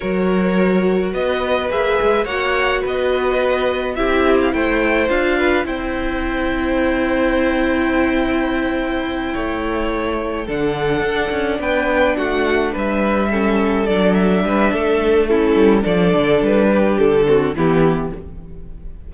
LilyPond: <<
  \new Staff \with { instrumentName = "violin" } { \time 4/4 \tempo 4 = 106 cis''2 dis''4 e''4 | fis''4 dis''2 e''8. f''16 | g''4 f''4 g''2~ | g''1~ |
g''2~ g''8 fis''4.~ | fis''8 g''4 fis''4 e''4.~ | e''8 d''8 e''2 a'4 | d''4 b'4 a'4 g'4 | }
  \new Staff \with { instrumentName = "violin" } { \time 4/4 ais'2 b'2 | cis''4 b'2 g'4 | c''4. b'8 c''2~ | c''1~ |
c''8 cis''2 a'4.~ | a'8 b'4 fis'4 b'4 a'8~ | a'4. b'8 a'4 e'4 | a'4. g'4 fis'8 e'4 | }
  \new Staff \with { instrumentName = "viola" } { \time 4/4 fis'2. gis'4 | fis'2. e'4~ | e'4 f'4 e'2~ | e'1~ |
e'2~ e'8 d'4.~ | d'2.~ d'8 cis'8~ | cis'8 d'2~ d'8 cis'4 | d'2~ d'8 c'8 b4 | }
  \new Staff \with { instrumentName = "cello" } { \time 4/4 fis2 b4 ais8 gis8 | ais4 b2 c'4 | a4 d'4 c'2~ | c'1~ |
c'8 a2 d4 d'8 | cis'8 b4 a4 g4.~ | g8 fis4 g8 a4. g8 | f8 d8 g4 d4 e4 | }
>>